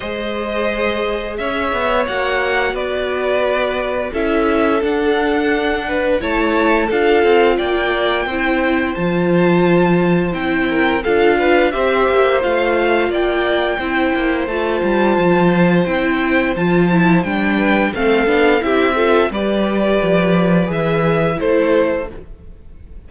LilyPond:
<<
  \new Staff \with { instrumentName = "violin" } { \time 4/4 \tempo 4 = 87 dis''2 e''4 fis''4 | d''2 e''4 fis''4~ | fis''4 a''4 f''4 g''4~ | g''4 a''2 g''4 |
f''4 e''4 f''4 g''4~ | g''4 a''2 g''4 | a''4 g''4 f''4 e''4 | d''2 e''4 c''4 | }
  \new Staff \with { instrumentName = "violin" } { \time 4/4 c''2 cis''2 | b'2 a'2~ | a'8 b'8 cis''4 a'4 d''4 | c''2.~ c''8 ais'8 |
a'8 b'8 c''2 d''4 | c''1~ | c''4. b'8 a'4 g'8 a'8 | b'2. a'4 | }
  \new Staff \with { instrumentName = "viola" } { \time 4/4 gis'2. fis'4~ | fis'2 e'4 d'4~ | d'4 e'4 f'2 | e'4 f'2 e'4 |
f'4 g'4 f'2 | e'4 f'2 e'4 | f'8 e'8 d'4 c'8 d'8 e'8 f'8 | g'2 gis'4 e'4 | }
  \new Staff \with { instrumentName = "cello" } { \time 4/4 gis2 cis'8 b8 ais4 | b2 cis'4 d'4~ | d'4 a4 d'8 c'8 ais4 | c'4 f2 c'4 |
d'4 c'8 ais8 a4 ais4 | c'8 ais8 a8 g8 f4 c'4 | f4 g4 a8 b8 c'4 | g4 f4 e4 a4 | }
>>